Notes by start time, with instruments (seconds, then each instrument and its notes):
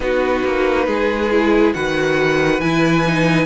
0.00 cello B3, viola D#4, violin F#4 B4
0.44 cello A#3
0.86 cello G#3, violin G#4
1.31 viola E4
1.73 cello D#3, viola F#4, violin B4 F#5
2.59 cello E3, viola E4, violin G#5
3.07 viola D#4